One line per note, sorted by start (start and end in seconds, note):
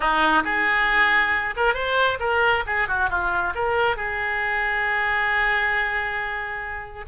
0.00 0.43 D#4
0.44 1.54 G#4
1.56 1.74 A#4
1.74 2.18 C5
2.19 2.64 A#4
2.66 2.88 G#4
2.88 3.09 F#4
3.09 3.53 F4
3.54 3.96 A#4
3.96 7.05 G#4